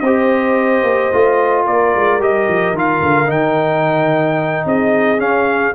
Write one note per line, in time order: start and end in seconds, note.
0.00 0.83 C4
0.00 1.12 G4
0.00 1.65 C5
0.00 1.64 D#5
0.83 1.10 A#3
1.12 1.67 A3
1.12 2.20 F4
1.65 1.95 A#3
1.65 4.65 A#4
1.65 2.21 D5
1.95 2.20 G#3
2.20 2.47 G3
2.20 2.75 G4
2.20 2.77 D#5
2.48 2.72 F3
2.72 3.00 D#3
2.72 3.26 F4
2.72 3.30 F5
3.02 3.29 D3
3.26 4.65 D#3
3.26 5.17 D#4
3.26 4.67 G5
4.65 5.18 C4
4.65 5.75 G#4
4.65 5.20 D#5
5.18 5.72 C#4
5.18 5.75 F5